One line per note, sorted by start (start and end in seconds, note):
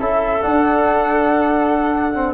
0.00 0.43 C#4
0.00 0.42 E4
0.00 2.34 A4
0.00 0.42 E5
0.42 2.14 D4
0.42 2.34 D4
0.42 2.34 F#5
2.14 2.34 C4